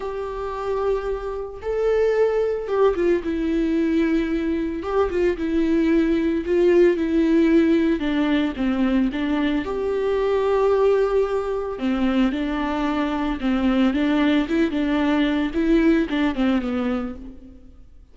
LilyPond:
\new Staff \with { instrumentName = "viola" } { \time 4/4 \tempo 4 = 112 g'2. a'4~ | a'4 g'8 f'8 e'2~ | e'4 g'8 f'8 e'2 | f'4 e'2 d'4 |
c'4 d'4 g'2~ | g'2 c'4 d'4~ | d'4 c'4 d'4 e'8 d'8~ | d'4 e'4 d'8 c'8 b4 | }